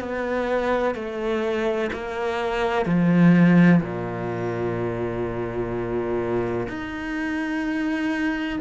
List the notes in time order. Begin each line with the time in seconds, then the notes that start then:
0.00 B3
0.95 A3
1.93 A#3
2.86 F3
3.82 A#2
6.69 D#4